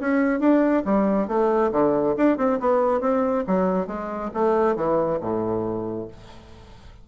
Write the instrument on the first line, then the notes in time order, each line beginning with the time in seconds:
bassoon
0.00 C#4
0.40 D4
0.85 G3
1.28 A3
1.72 D3
2.17 D4
2.37 C4
2.59 B3
3.01 C4
3.47 F#3
3.87 G#3
4.34 A3
4.75 E3
5.21 A2